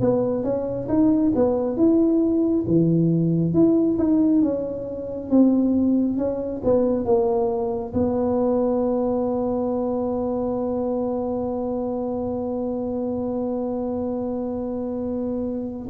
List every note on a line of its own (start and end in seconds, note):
0.00 0.43 B3
0.43 0.87 C#4
0.88 1.32 D#4
1.35 1.76 B3
1.76 2.64 E4
2.67 3.53 E3
3.53 3.97 E4
3.98 4.42 D#4
4.42 5.29 C#4
5.29 6.17 C4
6.17 6.61 C#4
6.63 7.05 B3
7.05 7.93 A#3
7.93 15.87 B3